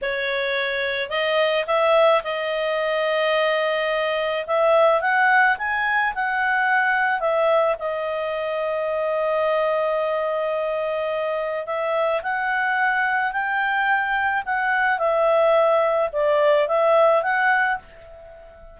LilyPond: \new Staff \with { instrumentName = "clarinet" } { \time 4/4 \tempo 4 = 108 cis''2 dis''4 e''4 | dis''1 | e''4 fis''4 gis''4 fis''4~ | fis''4 e''4 dis''2~ |
dis''1~ | dis''4 e''4 fis''2 | g''2 fis''4 e''4~ | e''4 d''4 e''4 fis''4 | }